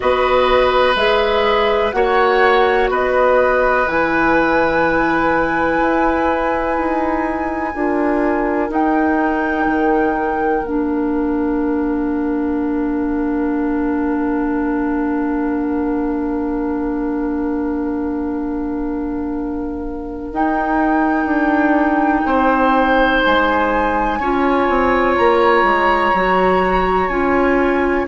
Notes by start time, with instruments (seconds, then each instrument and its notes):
0.00 bassoon B3, clarinet F#4, oboe B4, flute D#5
0.95 bassoon G#3, clarinet G#4, flute E5
1.91 bassoon A#3, clarinet F#4, oboe C#5, flute F#5
2.89 bassoon B3, oboe B4, flute D#5
3.87 bassoon E3, clarinet E4, flute G#5
5.80 bassoon E4
6.77 bassoon D#4
7.73 bassoon D4, clarinet F4, oboe A#4
8.69 clarinet D#4, bassoon D#4, flute G5
9.66 bassoon D#3
10.61 bassoon A#3, clarinet D4, flute F5
20.32 bassoon D#4, clarinet D#4, flute G5
21.25 bassoon D4
22.25 bassoon C4, oboe C5
23.23 bassoon G#3, flute G#5
24.19 bassoon C#4, clarinet F4, oboe C#5
24.68 bassoon C4
25.16 bassoon A#3, flute A#5
25.63 bassoon G#3
26.14 bassoon F#3, clarinet F#4
27.08 bassoon C#4, clarinet F4, flute G#5